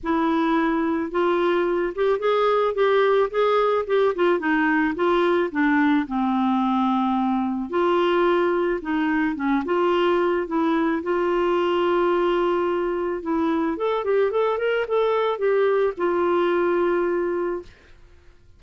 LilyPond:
\new Staff \with { instrumentName = "clarinet" } { \time 4/4 \tempo 4 = 109 e'2 f'4. g'8 | gis'4 g'4 gis'4 g'8 f'8 | dis'4 f'4 d'4 c'4~ | c'2 f'2 |
dis'4 cis'8 f'4. e'4 | f'1 | e'4 a'8 g'8 a'8 ais'8 a'4 | g'4 f'2. | }